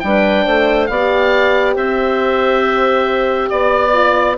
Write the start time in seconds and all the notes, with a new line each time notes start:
0.00 G3 D4 G5
0.06 B4
0.44 A3 C5
0.86 B3 G4 D5 F5
1.75 C4 C5 E5
3.49 B3 D5
3.92 F4